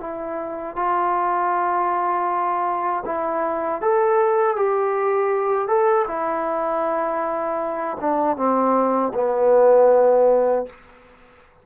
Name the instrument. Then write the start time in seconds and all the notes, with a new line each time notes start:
trombone
0.00 E4
0.76 F4
3.05 E4
3.81 A4
4.56 G4
5.68 A4
6.07 E4
8.01 D4
8.36 C4
9.14 B3